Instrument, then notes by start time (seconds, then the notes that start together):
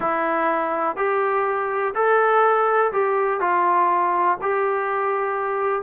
trombone
0.00 E4
0.96 G4
1.94 A4
2.92 G4
3.40 F4
4.41 G4